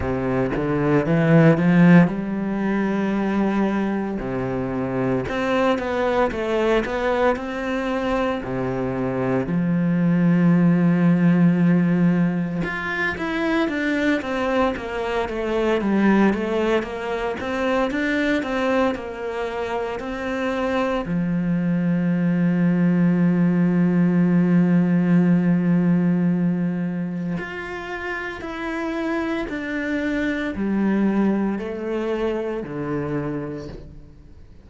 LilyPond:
\new Staff \with { instrumentName = "cello" } { \time 4/4 \tempo 4 = 57 c8 d8 e8 f8 g2 | c4 c'8 b8 a8 b8 c'4 | c4 f2. | f'8 e'8 d'8 c'8 ais8 a8 g8 a8 |
ais8 c'8 d'8 c'8 ais4 c'4 | f1~ | f2 f'4 e'4 | d'4 g4 a4 d4 | }